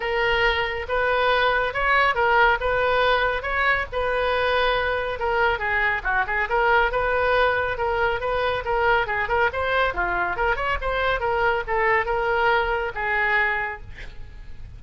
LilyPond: \new Staff \with { instrumentName = "oboe" } { \time 4/4 \tempo 4 = 139 ais'2 b'2 | cis''4 ais'4 b'2 | cis''4 b'2. | ais'4 gis'4 fis'8 gis'8 ais'4 |
b'2 ais'4 b'4 | ais'4 gis'8 ais'8 c''4 f'4 | ais'8 cis''8 c''4 ais'4 a'4 | ais'2 gis'2 | }